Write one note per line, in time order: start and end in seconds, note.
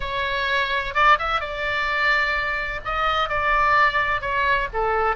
0.00 0.94 C#5
0.94 1.18 D5
1.18 1.40 E5
1.40 2.80 D5
2.84 3.29 D#5
3.29 4.21 D5
4.21 4.67 C#5
4.73 5.16 A4